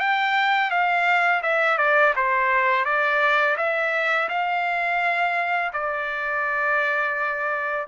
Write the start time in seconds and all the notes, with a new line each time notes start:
0.00 G5
0.71 F5
1.43 E5
1.78 D5
2.16 C5
2.85 D5
3.57 E5
4.30 F5
5.73 D5